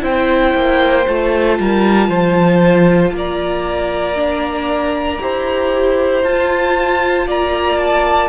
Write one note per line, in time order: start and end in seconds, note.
0.00 0.54 C4
0.00 1.03 E4
0.00 1.58 C5
0.00 1.07 G5
0.54 1.06 A#3
1.07 1.59 A3
1.07 4.15 F4
1.07 3.14 A5
1.59 2.09 G3
1.59 2.09 A#4
2.09 3.11 F3
2.09 3.12 C5
3.11 5.18 A#3
3.11 5.22 D5
3.18 6.24 A#5
4.15 5.19 D4
5.20 6.24 E4
5.20 6.23 G4
5.20 7.27 C5
6.24 7.27 F4
6.24 8.29 F4
6.24 7.27 A5
7.27 8.29 A#3
7.27 8.29 D5
7.27 7.79 A#5
7.79 8.29 A5